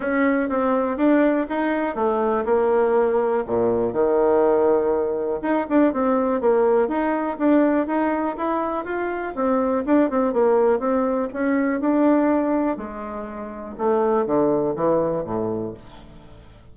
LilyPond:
\new Staff \with { instrumentName = "bassoon" } { \time 4/4 \tempo 4 = 122 cis'4 c'4 d'4 dis'4 | a4 ais2 ais,4 | dis2. dis'8 d'8 | c'4 ais4 dis'4 d'4 |
dis'4 e'4 f'4 c'4 | d'8 c'8 ais4 c'4 cis'4 | d'2 gis2 | a4 d4 e4 a,4 | }